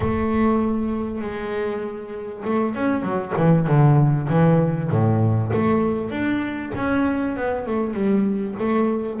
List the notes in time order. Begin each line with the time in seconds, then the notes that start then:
0.00 A3
1.21 G#3
2.44 A3
2.74 C#4
3.02 F#3
3.36 E3
3.67 D3
4.29 E3
4.90 A2
5.53 A3
6.10 D4
6.75 C#4
7.36 B3
7.66 A3
7.93 G3
8.59 A3